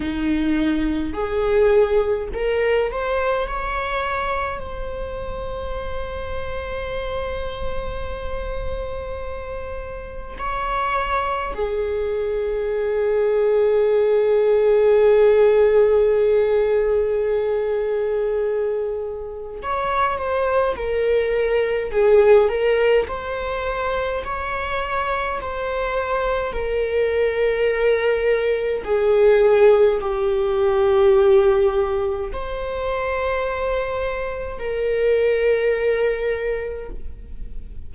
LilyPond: \new Staff \with { instrumentName = "viola" } { \time 4/4 \tempo 4 = 52 dis'4 gis'4 ais'8 c''8 cis''4 | c''1~ | c''4 cis''4 gis'2~ | gis'1~ |
gis'4 cis''8 c''8 ais'4 gis'8 ais'8 | c''4 cis''4 c''4 ais'4~ | ais'4 gis'4 g'2 | c''2 ais'2 | }